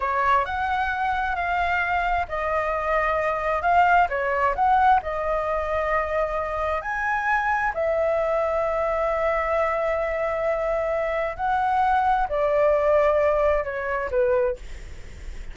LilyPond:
\new Staff \with { instrumentName = "flute" } { \time 4/4 \tempo 4 = 132 cis''4 fis''2 f''4~ | f''4 dis''2. | f''4 cis''4 fis''4 dis''4~ | dis''2. gis''4~ |
gis''4 e''2.~ | e''1~ | e''4 fis''2 d''4~ | d''2 cis''4 b'4 | }